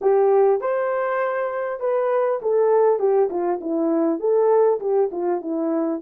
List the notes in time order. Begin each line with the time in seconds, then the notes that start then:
0.01 G4
0.60 C5
1.80 B4
2.42 A4
2.99 G4
3.29 F4
3.60 E4
4.19 A4
4.80 G4
5.11 F4
5.41 E4